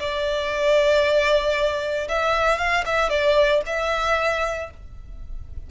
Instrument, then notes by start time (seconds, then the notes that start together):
violin
0.00 D5
2.09 E5
2.58 F5
2.86 E5
3.10 D5
3.67 E5